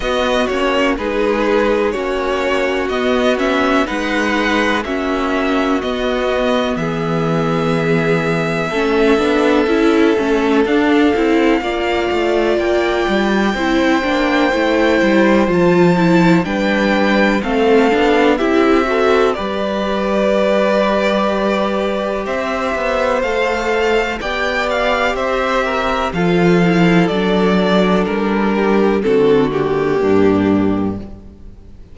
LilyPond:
<<
  \new Staff \with { instrumentName = "violin" } { \time 4/4 \tempo 4 = 62 dis''8 cis''8 b'4 cis''4 dis''8 e''8 | fis''4 e''4 dis''4 e''4~ | e''2. f''4~ | f''4 g''2. |
a''4 g''4 f''4 e''4 | d''2. e''4 | f''4 g''8 f''8 e''4 f''4 | d''4 ais'4 a'8 g'4. | }
  \new Staff \with { instrumentName = "violin" } { \time 4/4 fis'4 gis'4 fis'2 | b'4 fis'2 gis'4~ | gis'4 a'2. | d''2 c''2~ |
c''4 b'4 a'4 g'8 a'8 | b'2. c''4~ | c''4 d''4 c''8 ais'8 a'4~ | a'4. g'8 fis'4 d'4 | }
  \new Staff \with { instrumentName = "viola" } { \time 4/4 b8 cis'8 dis'4 cis'4 b8 cis'8 | dis'4 cis'4 b2~ | b4 cis'8 d'8 e'8 cis'8 d'8 e'8 | f'2 e'8 d'8 e'4 |
f'8 e'8 d'4 c'8 d'8 e'8 fis'8 | g'1 | a'4 g'2 f'8 e'8 | d'2 c'8 ais4. | }
  \new Staff \with { instrumentName = "cello" } { \time 4/4 b8 ais8 gis4 ais4 b4 | gis4 ais4 b4 e4~ | e4 a8 b8 cis'8 a8 d'8 c'8 | ais8 a8 ais8 g8 c'8 ais8 a8 g8 |
f4 g4 a8 b8 c'4 | g2. c'8 b8 | a4 b4 c'4 f4 | fis4 g4 d4 g,4 | }
>>